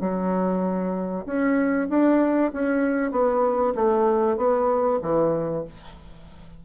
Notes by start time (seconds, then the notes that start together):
0.00 F#3
1.26 C#4
1.89 D4
2.53 C#4
3.11 B3
3.75 A3
4.37 B3
5.02 E3